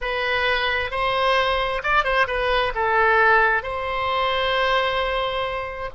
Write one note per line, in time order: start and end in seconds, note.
0.01 0.90 B4
0.90 1.81 C5
1.83 2.04 D5
2.04 2.26 C5
2.27 2.72 B4
2.74 3.62 A4
3.62 5.90 C5